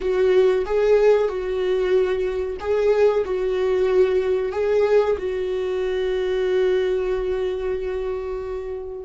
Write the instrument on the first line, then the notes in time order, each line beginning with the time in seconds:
viola
0.00 F#4
0.65 G#4
1.28 F#4
2.60 G#4
3.24 F#4
4.52 G#4
5.18 F#4